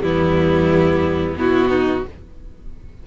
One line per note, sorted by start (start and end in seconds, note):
0.00 1.37 E2
0.00 1.35 G3
0.00 1.39 B3
0.00 1.38 E4
1.37 2.05 B2
1.37 2.05 B3
1.37 1.70 E4
1.37 2.08 F#4
1.70 2.03 D#4